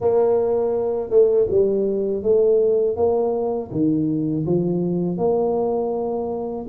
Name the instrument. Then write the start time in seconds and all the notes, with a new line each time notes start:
tuba
0.00 A#3
1.09 A3
1.50 G3
2.22 A3
2.96 A#3
3.71 D#3
4.45 F3
5.17 A#3